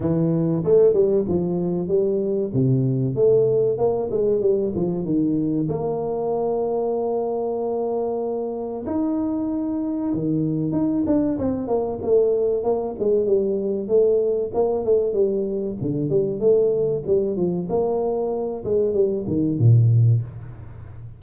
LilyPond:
\new Staff \with { instrumentName = "tuba" } { \time 4/4 \tempo 4 = 95 e4 a8 g8 f4 g4 | c4 a4 ais8 gis8 g8 f8 | dis4 ais2.~ | ais2 dis'2 |
dis4 dis'8 d'8 c'8 ais8 a4 | ais8 gis8 g4 a4 ais8 a8 | g4 d8 g8 a4 g8 f8 | ais4. gis8 g8 dis8 ais,4 | }